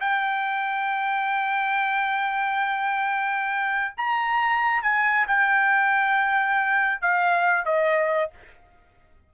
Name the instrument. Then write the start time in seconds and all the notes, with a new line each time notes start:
trumpet
0.00 G5
3.97 A#5
4.83 G#5
5.27 G5
7.01 F5
7.65 D#5